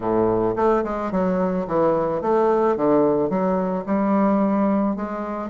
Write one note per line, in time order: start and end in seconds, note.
0.00 0.55 A2
0.56 0.83 A3
0.84 1.11 G#3
1.11 1.66 F#3
1.67 2.21 E3
2.21 2.76 A3
2.76 3.29 D3
3.29 3.84 F#3
3.86 4.95 G3
4.95 5.50 G#3